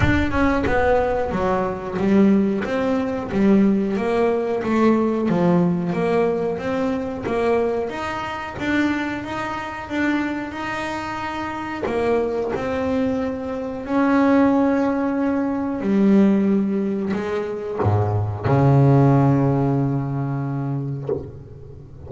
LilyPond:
\new Staff \with { instrumentName = "double bass" } { \time 4/4 \tempo 4 = 91 d'8 cis'8 b4 fis4 g4 | c'4 g4 ais4 a4 | f4 ais4 c'4 ais4 | dis'4 d'4 dis'4 d'4 |
dis'2 ais4 c'4~ | c'4 cis'2. | g2 gis4 gis,4 | cis1 | }